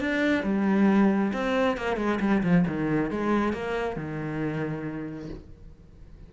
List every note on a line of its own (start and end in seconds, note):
0.00 0.43 D4
0.43 1.32 G3
1.33 1.77 C4
1.77 1.96 A#3
1.96 2.19 G#3
2.20 2.42 G3
2.42 2.65 F3
2.67 3.10 D#3
3.10 3.53 G#3
3.53 3.96 A#3
3.96 5.29 D#3